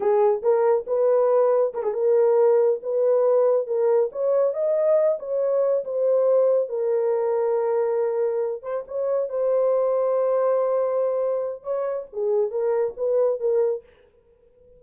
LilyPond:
\new Staff \with { instrumentName = "horn" } { \time 4/4 \tempo 4 = 139 gis'4 ais'4 b'2 | ais'16 gis'16 ais'2 b'4.~ | b'8 ais'4 cis''4 dis''4. | cis''4. c''2 ais'8~ |
ais'1 | c''8 cis''4 c''2~ c''8~ | c''2. cis''4 | gis'4 ais'4 b'4 ais'4 | }